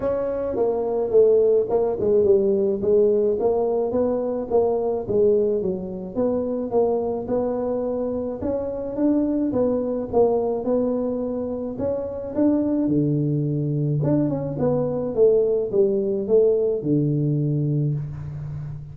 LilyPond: \new Staff \with { instrumentName = "tuba" } { \time 4/4 \tempo 4 = 107 cis'4 ais4 a4 ais8 gis8 | g4 gis4 ais4 b4 | ais4 gis4 fis4 b4 | ais4 b2 cis'4 |
d'4 b4 ais4 b4~ | b4 cis'4 d'4 d4~ | d4 d'8 cis'8 b4 a4 | g4 a4 d2 | }